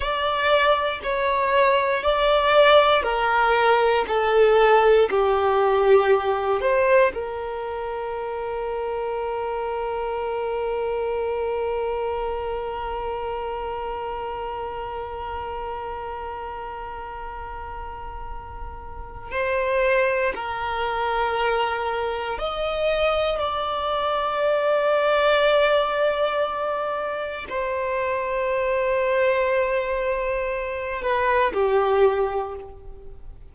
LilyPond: \new Staff \with { instrumentName = "violin" } { \time 4/4 \tempo 4 = 59 d''4 cis''4 d''4 ais'4 | a'4 g'4. c''8 ais'4~ | ais'1~ | ais'1~ |
ais'2. c''4 | ais'2 dis''4 d''4~ | d''2. c''4~ | c''2~ c''8 b'8 g'4 | }